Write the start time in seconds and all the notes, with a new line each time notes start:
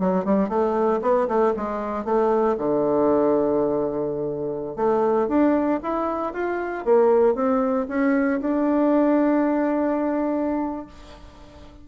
0.00 F#3
0.25 G3
0.49 A3
1.02 B3
1.28 A3
1.56 G#3
2.05 A3
2.58 D3
4.76 A3
5.28 D4
5.83 E4
6.33 F4
6.85 A#3
7.35 C4
7.89 C#4
8.41 D4